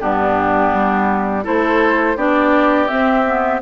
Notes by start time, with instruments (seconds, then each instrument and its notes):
0.00 bassoon G2, clarinet B3, oboe D4, flute G4
0.73 bassoon G3
1.44 bassoon A3, clarinet E4, oboe A4, flute C5
2.16 bassoon B3, clarinet D4, oboe G4, flute D5
2.88 clarinet C4, bassoon C4, flute E5
3.26 clarinet B3